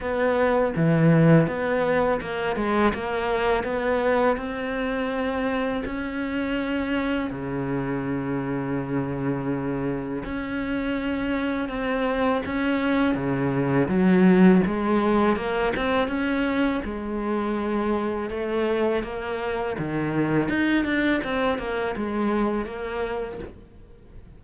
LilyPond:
\new Staff \with { instrumentName = "cello" } { \time 4/4 \tempo 4 = 82 b4 e4 b4 ais8 gis8 | ais4 b4 c'2 | cis'2 cis2~ | cis2 cis'2 |
c'4 cis'4 cis4 fis4 | gis4 ais8 c'8 cis'4 gis4~ | gis4 a4 ais4 dis4 | dis'8 d'8 c'8 ais8 gis4 ais4 | }